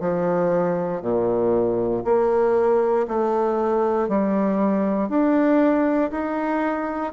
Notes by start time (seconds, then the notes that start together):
0.00 F3
1.02 A#2
2.04 A#3
3.07 A3
4.08 G3
5.08 D4
6.11 D#4